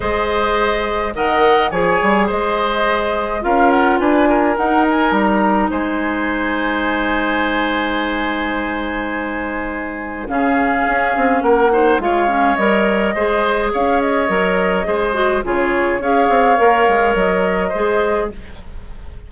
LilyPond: <<
  \new Staff \with { instrumentName = "flute" } { \time 4/4 \tempo 4 = 105 dis''2 fis''4 gis''4 | dis''2 f''8 fis''8 gis''4 | fis''8 gis''8 ais''4 gis''2~ | gis''1~ |
gis''2 f''2 | fis''4 f''4 dis''2 | f''8 dis''2~ dis''8 cis''4 | f''2 dis''2 | }
  \new Staff \with { instrumentName = "oboe" } { \time 4/4 c''2 dis''4 cis''4 | c''2 ais'4 b'8 ais'8~ | ais'2 c''2~ | c''1~ |
c''2 gis'2 | ais'8 c''8 cis''2 c''4 | cis''2 c''4 gis'4 | cis''2. c''4 | }
  \new Staff \with { instrumentName = "clarinet" } { \time 4/4 gis'2 ais'4 gis'4~ | gis'2 f'2 | dis'1~ | dis'1~ |
dis'2 cis'2~ | cis'8 dis'8 f'8 cis'8 ais'4 gis'4~ | gis'4 ais'4 gis'8 fis'8 f'4 | gis'4 ais'2 gis'4 | }
  \new Staff \with { instrumentName = "bassoon" } { \time 4/4 gis2 dis4 f8 g8 | gis2 cis'4 d'4 | dis'4 g4 gis2~ | gis1~ |
gis2 cis4 cis'8 c'8 | ais4 gis4 g4 gis4 | cis'4 fis4 gis4 cis4 | cis'8 c'8 ais8 gis8 fis4 gis4 | }
>>